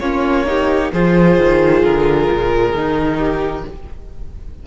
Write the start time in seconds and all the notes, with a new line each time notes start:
0.00 A#3 C#4 F4 C#5
0.46 D#4 G4
0.93 F3 F4 G#4 C5
1.38 D#3
1.83 D3 A#4
2.31 A#2
2.73 D#3 D#4
3.18 G4